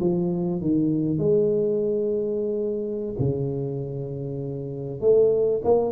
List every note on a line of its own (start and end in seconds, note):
0.00 0.61 F3
0.61 1.18 D#3
1.18 3.15 G#3
3.19 5.00 C#3
5.00 5.61 A3
5.64 5.91 A#3